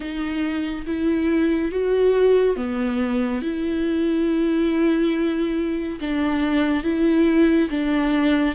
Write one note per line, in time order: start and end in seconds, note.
0.00 0.85 D#4
0.86 1.71 E4
1.71 2.56 F#4
2.56 3.42 B3
3.42 5.99 E4
6.00 6.83 D4
6.83 7.69 E4
7.69 8.55 D4